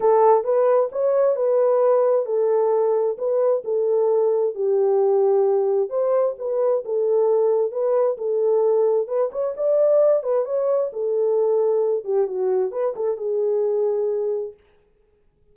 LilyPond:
\new Staff \with { instrumentName = "horn" } { \time 4/4 \tempo 4 = 132 a'4 b'4 cis''4 b'4~ | b'4 a'2 b'4 | a'2 g'2~ | g'4 c''4 b'4 a'4~ |
a'4 b'4 a'2 | b'8 cis''8 d''4. b'8 cis''4 | a'2~ a'8 g'8 fis'4 | b'8 a'8 gis'2. | }